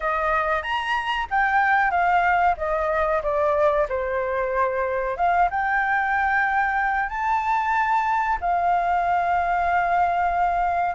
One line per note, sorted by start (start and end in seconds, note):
0.00 0.62 D#5
0.62 1.26 A#5
1.30 1.90 G5
1.90 2.55 F5
2.57 3.21 D#5
3.23 3.87 D5
3.89 5.16 C5
5.16 5.48 F5
5.50 7.09 G5
7.09 8.38 A5
8.40 10.95 F5